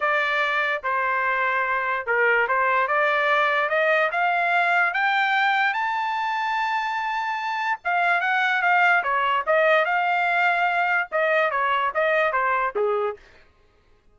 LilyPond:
\new Staff \with { instrumentName = "trumpet" } { \time 4/4 \tempo 4 = 146 d''2 c''2~ | c''4 ais'4 c''4 d''4~ | d''4 dis''4 f''2 | g''2 a''2~ |
a''2. f''4 | fis''4 f''4 cis''4 dis''4 | f''2. dis''4 | cis''4 dis''4 c''4 gis'4 | }